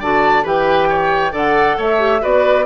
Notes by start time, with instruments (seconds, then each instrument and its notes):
0.00 bassoon D3, clarinet F#4, oboe D5, flute A5
0.43 bassoon E3, clarinet G4, oboe B4, flute G5
0.89 oboe C#5
1.31 bassoon D3, clarinet A4, oboe D5, flute F#5
1.78 bassoon A3, oboe C#5, flute E5
1.98 clarinet G4
2.21 bassoon B3, clarinet F#4, oboe B4, flute D5